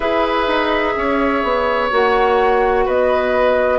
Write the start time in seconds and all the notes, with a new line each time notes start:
0.00 E4 G#4 B4 E5
0.47 D#4
0.96 C#4 C#5
1.43 B3
1.90 A#3 F#4 F#5
2.85 B3 B4 D#5